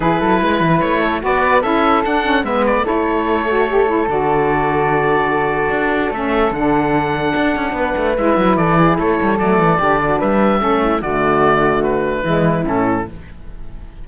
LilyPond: <<
  \new Staff \with { instrumentName = "oboe" } { \time 4/4 \tempo 4 = 147 b'2 cis''4 d''4 | e''4 fis''4 e''8 d''8 cis''4~ | cis''2 d''2~ | d''2. e''4 |
fis''1 | e''4 d''4 cis''4 d''4~ | d''4 e''2 d''4~ | d''4 b'2 a'4 | }
  \new Staff \with { instrumentName = "flute" } { \time 4/4 gis'8 a'8 b'4. a'8 b'4 | a'2 b'4 a'4~ | a'1~ | a'1~ |
a'2. b'4~ | b'4 a'8 gis'8 a'2 | g'8 fis'8 b'4 a'8 e'8 fis'4~ | fis'2 e'2 | }
  \new Staff \with { instrumentName = "saxophone" } { \time 4/4 e'2. fis'4 | e'4 d'8 cis'8 b4 e'4~ | e'8 fis'8 g'8 e'8 fis'2~ | fis'2. cis'4 |
d'1 | e'2. a4 | d'2 cis'4 a4~ | a2 gis4 cis'4 | }
  \new Staff \with { instrumentName = "cello" } { \time 4/4 e8 fis8 gis8 e8 a4 b4 | cis'4 d'4 gis4 a4~ | a2 d2~ | d2 d'4 a4 |
d2 d'8 cis'8 b8 a8 | gis8 fis8 e4 a8 g8 fis8 e8 | d4 g4 a4 d4~ | d2 e4 a,4 | }
>>